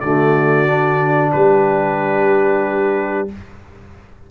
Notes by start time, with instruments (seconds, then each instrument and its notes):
0.00 tuba D3, trombone A3, horn F#4, trumpet D5
0.67 trombone D4
1.32 tuba G3, horn G4, trumpet B4